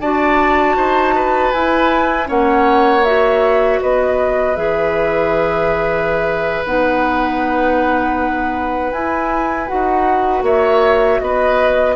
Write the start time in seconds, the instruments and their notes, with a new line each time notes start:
0.00 bassoon D4, clarinet F#4, oboe D5, flute A5
0.76 bassoon D#4, oboe C5
1.15 oboe B4
1.52 bassoon E4, clarinet E4, flute G#5
2.25 bassoon A#3, clarinet C#4, oboe C#5, flute F#5
3.04 clarinet F#4, flute E5
3.81 bassoon B3, oboe B4, flute D#5
4.56 bassoon E3, clarinet G#4, flute E5
6.65 bassoon B3, clarinet D#4, flute F#5
8.92 bassoon E4, clarinet E4, flute G#5
9.67 bassoon D#4, clarinet F#4, flute F#5
10.42 bassoon A#3, oboe C#5, flute E5
11.20 bassoon B3, oboe B4, flute D#5